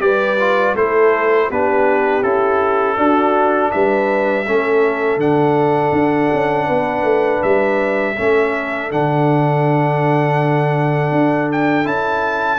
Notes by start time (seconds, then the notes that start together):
0.00 G3 G4 B4 D5
0.40 F4
0.75 A3 E4 A4 C5
1.50 B3 D4 G4 B4
2.23 C#4 E4 A4
2.97 D4 F#4
3.72 G3 B4 E5
4.46 A3 C#4 A4
5.17 D3 D4 F#5
5.93 D4
6.33 C#4
6.67 B3 B4
7.03 A3
7.43 G3 E5
8.17 A3 C#4 A4
8.91 D3 D4 F#5
11.12 D4
11.52 G5
11.85 C#4 E4 A5